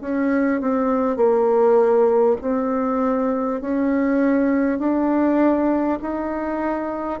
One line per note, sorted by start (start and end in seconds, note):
0.00 0.60 C#4
0.60 1.16 C4
1.16 2.36 A#3
2.41 3.61 C4
3.61 4.78 C#4
4.78 5.98 D4
6.01 7.20 D#4